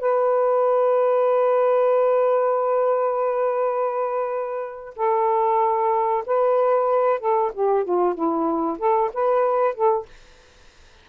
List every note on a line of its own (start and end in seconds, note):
0.00 4.95 B4
4.97 6.24 A4
6.26 7.20 B4
7.20 7.52 A4
7.54 7.85 G4
7.85 8.15 F4
8.15 8.79 E4
8.79 9.11 A4
9.14 9.75 B4
9.75 10.06 A4